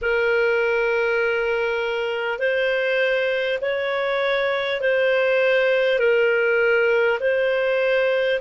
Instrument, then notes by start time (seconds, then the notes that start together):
clarinet
0.01 A#4
2.38 C5
3.61 C#5
4.80 C5
5.98 A#4
7.20 C5